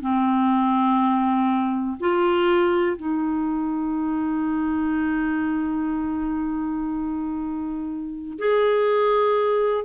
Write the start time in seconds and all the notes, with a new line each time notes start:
0.00 C4
2.00 F4
2.96 D#4
8.38 G#4